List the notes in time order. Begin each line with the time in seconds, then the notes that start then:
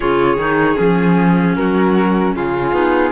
0.00 C#3 F4 G#4 C#5
0.36 D#3 D#4
0.75 F3 C#4 G#4
1.55 F#3 F#4 A#4
2.34 C#3 F4 G#4
2.72 B3 D#4